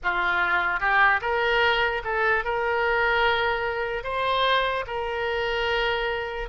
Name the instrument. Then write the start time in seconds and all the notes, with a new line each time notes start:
oboe
0.03 F4
0.80 G4
1.21 A#4
2.04 A4
2.44 A#4
4.03 C5
4.86 A#4